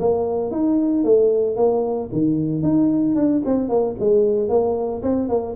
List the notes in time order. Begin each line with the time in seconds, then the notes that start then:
0.00 A#3
0.52 D#4
1.05 A3
1.57 A#3
2.13 D#3
2.63 D#4
3.16 D4
3.46 C4
3.69 A#3
4.00 G#3
4.49 A#3
5.03 C4
5.29 A#3